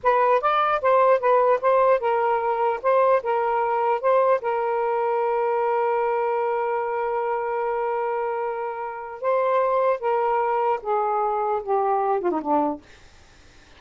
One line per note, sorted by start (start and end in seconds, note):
0.03 0.41 B4
0.41 0.81 D5
0.81 1.20 C5
1.20 1.60 B4
1.61 2.00 C5
2.00 2.80 A#4
2.82 3.22 C5
3.22 4.00 A#4
4.00 4.40 C5
4.41 9.21 A#4
9.21 9.99 C5
9.99 10.79 A#4
10.82 11.62 G#4
11.63 12.20 G4
12.20 12.30 F4
12.30 12.40 D#4
12.41 12.81 D4